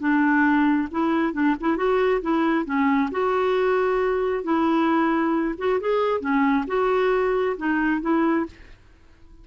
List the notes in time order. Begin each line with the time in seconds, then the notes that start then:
0.00 D4
0.92 E4
1.34 D4
1.61 E4
1.77 F#4
2.22 E4
2.66 C#4
3.12 F#4
4.44 E4
5.58 F#4
5.81 G#4
6.21 C#4
6.68 F#4
7.57 D#4
8.02 E4